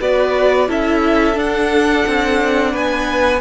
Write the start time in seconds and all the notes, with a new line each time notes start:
0.00 B3 F#4 B4 D5
0.68 C#4 E4 A4 E5
1.35 D4 F#5
2.06 C4
2.72 B3 B4 G#5